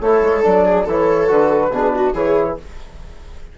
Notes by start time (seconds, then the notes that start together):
0.00 A3 E4 A4 C#5
0.21 G#3
0.42 F#3 D4 D5
0.65 G#4
0.84 E3 E4 A4 C#5
1.27 D3 F#4 B4
1.69 B2 D4 G#4
1.95 F#4
2.13 E3 E4 G#4 C#5